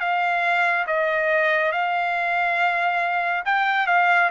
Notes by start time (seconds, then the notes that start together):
0.00 F5
0.87 D#5
1.73 F5
3.45 G5
3.87 F5